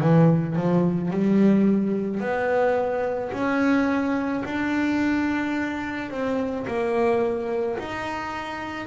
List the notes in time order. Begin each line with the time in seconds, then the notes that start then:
0.00 E3
0.56 F3
1.11 G3
2.21 B3
3.32 C#4
4.45 D4
6.11 C4
6.67 A#3
7.78 D#4